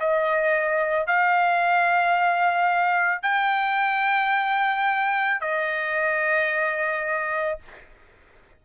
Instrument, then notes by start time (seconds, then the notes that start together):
trumpet
0.00 D#5
1.07 F5
3.22 G5
5.40 D#5